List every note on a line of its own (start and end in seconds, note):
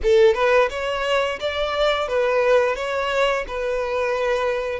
0.03 0.34 A4
0.34 0.69 B4
0.70 1.39 C#5
1.39 2.08 D5
2.08 2.75 B4
2.75 3.44 C#5
3.47 4.79 B4